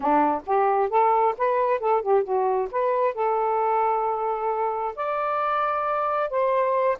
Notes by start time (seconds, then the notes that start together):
0.00 D4
0.46 G4
0.89 A4
1.37 B4
1.79 A4
2.02 G4
2.23 F#4
2.71 B4
3.14 A4
4.95 D5
6.30 C5